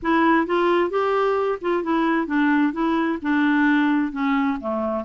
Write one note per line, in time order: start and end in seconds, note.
0.02 0.46 E4
0.46 0.90 F4
0.90 1.58 G4
1.61 1.83 F4
1.83 2.27 E4
2.27 2.72 D4
2.72 3.18 E4
3.22 4.12 D4
4.12 4.57 C#4
4.60 5.04 A3